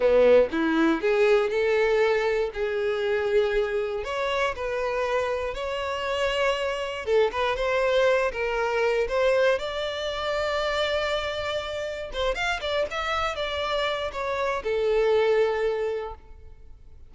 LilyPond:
\new Staff \with { instrumentName = "violin" } { \time 4/4 \tempo 4 = 119 b4 e'4 gis'4 a'4~ | a'4 gis'2. | cis''4 b'2 cis''4~ | cis''2 a'8 b'8 c''4~ |
c''8 ais'4. c''4 d''4~ | d''1 | c''8 f''8 d''8 e''4 d''4. | cis''4 a'2. | }